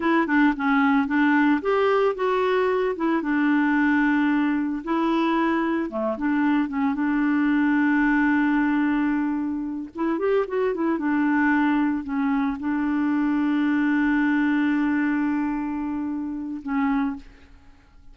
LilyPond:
\new Staff \with { instrumentName = "clarinet" } { \time 4/4 \tempo 4 = 112 e'8 d'8 cis'4 d'4 g'4 | fis'4. e'8 d'2~ | d'4 e'2 a8 d'8~ | d'8 cis'8 d'2.~ |
d'2~ d'8 e'8 g'8 fis'8 | e'8 d'2 cis'4 d'8~ | d'1~ | d'2. cis'4 | }